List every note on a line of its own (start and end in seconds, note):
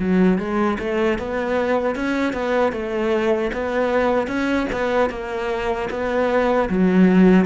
0.00 0.39 F#3
0.39 0.78 G#3
0.80 1.19 A3
1.19 1.96 B3
1.96 2.34 C#4
2.34 2.73 B3
2.73 3.52 A3
3.54 4.28 B3
4.28 4.67 C#4
4.73 5.10 B3
5.10 5.89 A#3
5.91 6.70 B3
6.70 7.46 F#3